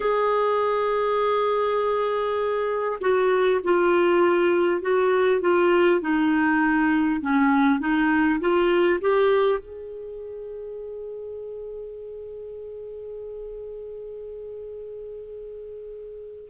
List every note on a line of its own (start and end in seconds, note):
0.00 2.99 G#4
3.00 3.60 F#4
3.63 4.81 F4
4.81 5.40 F#4
5.40 6.00 F4
6.01 7.21 D#4
7.21 7.79 C#4
7.79 8.39 D#4
8.39 8.99 F4
9.01 9.59 G4
9.59 16.49 G#4